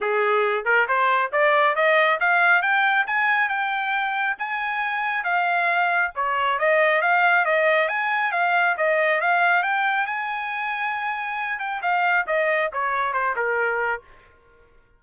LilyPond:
\new Staff \with { instrumentName = "trumpet" } { \time 4/4 \tempo 4 = 137 gis'4. ais'8 c''4 d''4 | dis''4 f''4 g''4 gis''4 | g''2 gis''2 | f''2 cis''4 dis''4 |
f''4 dis''4 gis''4 f''4 | dis''4 f''4 g''4 gis''4~ | gis''2~ gis''8 g''8 f''4 | dis''4 cis''4 c''8 ais'4. | }